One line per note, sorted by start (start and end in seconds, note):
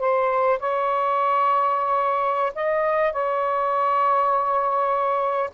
0.00 0.59 C5
0.60 2.53 C#5
2.55 3.13 D#5
3.13 5.51 C#5